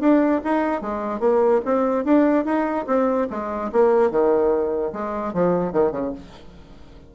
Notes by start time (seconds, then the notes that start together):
0.00 D4
0.44 D#4
0.81 G#3
1.20 A#3
1.65 C4
2.04 D4
2.45 D#4
2.86 C4
3.30 G#3
3.72 A#3
4.10 D#3
4.92 G#3
5.33 F3
5.73 D#3
5.92 C#3